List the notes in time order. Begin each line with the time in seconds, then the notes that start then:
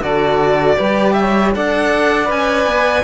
0.00 D3 F#4 A4 D5
0.76 G3 G4 B4
1.13 C#5 E5
1.54 D4 A4 D5 F#5
2.25 C#4 B4 G#5
2.66 B3